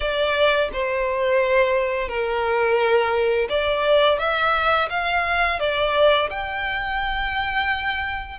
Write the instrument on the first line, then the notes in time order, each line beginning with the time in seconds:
violin
0.00 D5
0.73 C5
2.08 A#4
3.49 D5
4.19 E5
4.89 F5
5.59 D5
6.30 G5